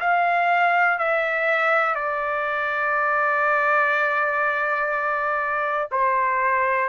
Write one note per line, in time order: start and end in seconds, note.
0.00 0.98 F5
0.98 1.95 E5
1.95 5.88 D5
5.91 6.89 C5